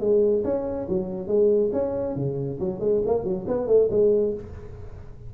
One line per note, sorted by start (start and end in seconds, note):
0.00 0.43 G#3
0.44 0.87 C#4
0.88 1.27 F#3
1.27 1.70 G#3
1.72 2.15 C#4
2.16 2.59 C#3
2.60 2.79 F#3
2.79 3.01 G#3
3.05 3.24 A#3
3.24 3.46 F#3
3.47 3.67 B3
3.67 3.88 A3
3.90 4.34 G#3